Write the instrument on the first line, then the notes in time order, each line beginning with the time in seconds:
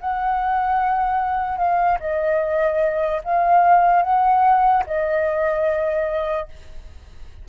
flute
0.00 F#5
1.57 F5
2.00 D#5
3.24 F5
4.02 F#5
4.86 D#5